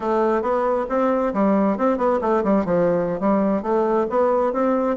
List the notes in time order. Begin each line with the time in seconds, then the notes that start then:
0.00 A3
0.42 B3
0.89 C4
1.33 G3
1.77 C4
1.97 B3
2.21 A3
2.44 G3
2.65 F3
3.20 G3
3.62 A3
4.09 B3
4.52 C4